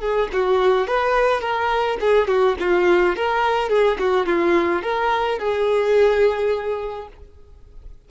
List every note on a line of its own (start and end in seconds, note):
0.00 0.28 G#4
0.33 0.87 F#4
0.87 1.41 B4
1.41 1.97 A#4
2.00 2.27 G#4
2.27 2.56 F#4
2.60 3.16 F4
3.16 3.69 A#4
3.69 3.97 G#4
3.99 4.26 F#4
4.26 4.82 F4
4.82 5.39 A#4
5.39 7.08 G#4